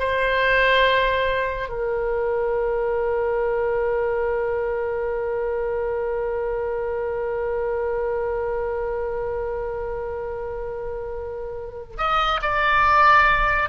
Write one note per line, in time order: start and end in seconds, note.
0.00 1.69 C5
1.69 11.98 A#4
11.98 12.41 D#5
12.43 13.69 D5